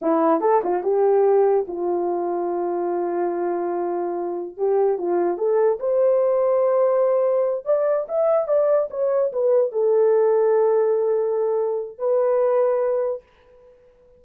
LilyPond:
\new Staff \with { instrumentName = "horn" } { \time 4/4 \tempo 4 = 145 e'4 a'8 f'8 g'2 | f'1~ | f'2. g'4 | f'4 a'4 c''2~ |
c''2~ c''8 d''4 e''8~ | e''8 d''4 cis''4 b'4 a'8~ | a'1~ | a'4 b'2. | }